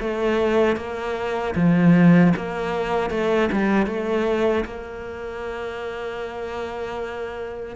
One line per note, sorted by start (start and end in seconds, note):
0.00 0.77 A3
0.77 1.55 A#3
1.55 2.33 F3
2.37 3.11 A#3
3.11 3.50 A3
3.52 3.87 G3
3.87 4.65 A3
4.65 7.76 A#3